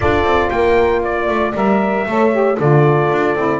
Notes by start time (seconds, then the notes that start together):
0.00 D4 F4 A4 D5
0.23 C4
0.50 A#3 A#4 G5
1.03 D5
1.27 A3
1.54 G3 A#4 E5
2.06 A3 A4 C#5
2.31 G4
2.57 D3 F4 A4 D5
3.11 D4
3.35 C4 E4